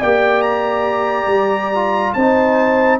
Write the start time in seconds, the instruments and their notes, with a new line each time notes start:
0.00 tuba A#3, trombone G4, horn D5, trumpet G5
0.41 trumpet A#5
1.26 tuba G3
1.74 trombone F4
2.13 tuba C4, trombone D#4, horn C5, trumpet A5